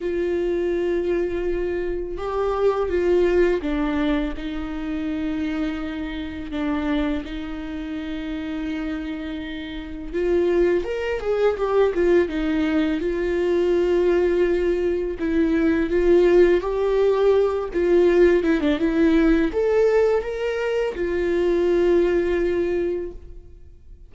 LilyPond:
\new Staff \with { instrumentName = "viola" } { \time 4/4 \tempo 4 = 83 f'2. g'4 | f'4 d'4 dis'2~ | dis'4 d'4 dis'2~ | dis'2 f'4 ais'8 gis'8 |
g'8 f'8 dis'4 f'2~ | f'4 e'4 f'4 g'4~ | g'8 f'4 e'16 d'16 e'4 a'4 | ais'4 f'2. | }